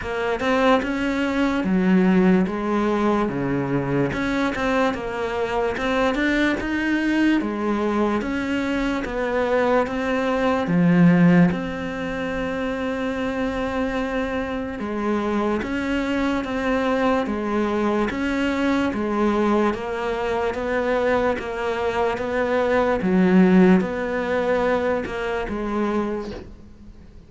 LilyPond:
\new Staff \with { instrumentName = "cello" } { \time 4/4 \tempo 4 = 73 ais8 c'8 cis'4 fis4 gis4 | cis4 cis'8 c'8 ais4 c'8 d'8 | dis'4 gis4 cis'4 b4 | c'4 f4 c'2~ |
c'2 gis4 cis'4 | c'4 gis4 cis'4 gis4 | ais4 b4 ais4 b4 | fis4 b4. ais8 gis4 | }